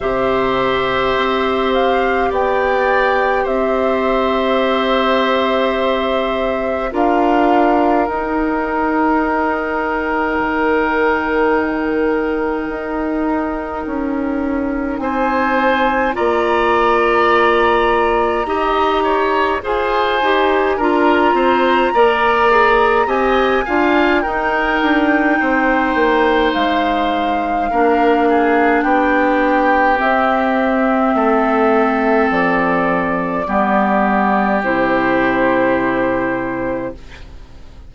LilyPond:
<<
  \new Staff \with { instrumentName = "flute" } { \time 4/4 \tempo 4 = 52 e''4. f''8 g''4 e''4~ | e''2 f''4 g''4~ | g''1~ | g''4 gis''4 ais''2~ |
ais''4 gis''4 ais''2 | gis''4 g''2 f''4~ | f''4 g''4 e''2 | d''2 c''2 | }
  \new Staff \with { instrumentName = "oboe" } { \time 4/4 c''2 d''4 c''4~ | c''2 ais'2~ | ais'1~ | ais'4 c''4 d''2 |
dis''8 cis''8 c''4 ais'8 c''8 d''4 | dis''8 f''8 ais'4 c''2 | ais'8 gis'8 g'2 a'4~ | a'4 g'2. | }
  \new Staff \with { instrumentName = "clarinet" } { \time 4/4 g'1~ | g'2 f'4 dis'4~ | dis'1~ | dis'2 f'2 |
g'4 gis'8 g'8 f'4 ais'8 gis'8 | g'8 f'8 dis'2. | d'2 c'2~ | c'4 b4 e'2 | }
  \new Staff \with { instrumentName = "bassoon" } { \time 4/4 c4 c'4 b4 c'4~ | c'2 d'4 dis'4~ | dis'4 dis2 dis'4 | cis'4 c'4 ais2 |
dis'4 f'8 dis'8 d'8 c'8 ais4 | c'8 d'8 dis'8 d'8 c'8 ais8 gis4 | ais4 b4 c'4 a4 | f4 g4 c2 | }
>>